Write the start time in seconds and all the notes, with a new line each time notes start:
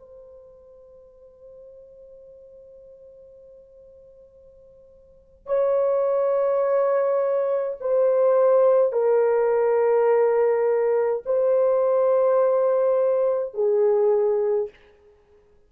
0.00 C5
5.47 C#5
7.81 C5
8.93 A#4
11.26 C5
13.55 G#4